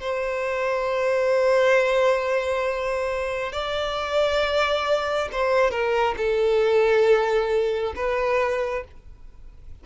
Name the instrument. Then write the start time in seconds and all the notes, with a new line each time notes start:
violin
0.00 C5
3.52 D5
5.32 C5
5.70 A#4
6.17 A4
7.95 B4